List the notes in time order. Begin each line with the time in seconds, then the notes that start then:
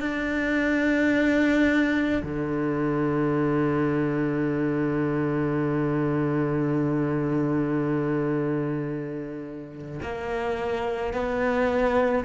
0.00 D4
2.23 D3
10.03 A#3
11.14 B3